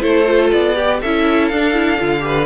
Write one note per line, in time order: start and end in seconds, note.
0.00 0.52 A3
0.00 0.25 E4
0.00 0.75 A4
0.00 0.50 C5
0.25 0.75 F4
0.51 1.01 B3
0.51 1.00 D5
0.75 1.00 G4
0.75 1.02 G4
1.01 1.51 C#4
1.01 1.52 E4
1.01 2.24 A4
1.01 1.48 E5
1.48 2.00 D4
1.48 1.73 D4
1.48 2.45 F5
1.73 1.98 E4
1.98 2.45 D3
1.98 2.19 F4
2.19 2.44 G4
2.19 2.45 B4